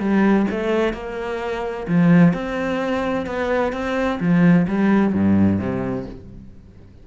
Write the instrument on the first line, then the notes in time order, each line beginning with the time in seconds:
cello
0.00 G3
0.51 A3
0.94 A#3
1.88 F3
2.34 C4
3.26 B3
3.73 C4
4.20 F3
4.68 G3
5.14 G2
5.59 C3